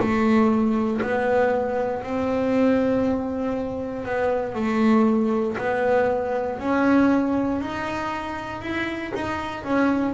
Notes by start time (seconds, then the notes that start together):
0.00 A3
1.02 B3
2.04 C4
4.06 B3
4.55 A3
5.58 B3
6.60 C#4
7.61 D#4
8.62 E4
9.15 D#4
9.65 C#4